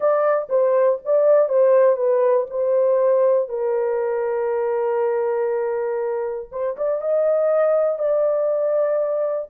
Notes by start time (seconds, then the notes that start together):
0.00 D5
0.49 C5
1.04 D5
1.48 C5
1.96 B4
2.50 C5
3.49 A#4
6.51 C5
6.76 D5
7.01 D#5
7.99 D5